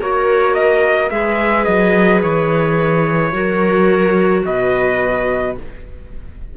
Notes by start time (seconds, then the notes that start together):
0.00 A#3 F#4 A#4 C#5
0.54 D#5
1.10 G#3 G#4 B4 E5
1.64 F#3 D#5
2.22 E3 C#5
3.32 F#3 F#4 A#4
4.45 B2 B4 D#5